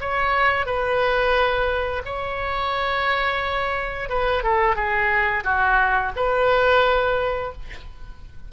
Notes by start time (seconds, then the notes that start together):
0.00 C#5
0.66 B4
2.05 C#5
4.09 B4
4.43 A4
4.75 G#4
5.44 F#4
6.16 B4